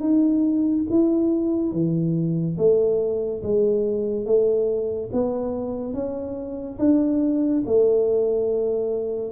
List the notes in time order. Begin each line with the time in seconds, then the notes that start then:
0.00 D#4
0.90 E4
1.72 E3
2.58 A3
3.43 G#3
4.26 A3
5.13 B3
5.94 C#4
6.79 D4
7.66 A3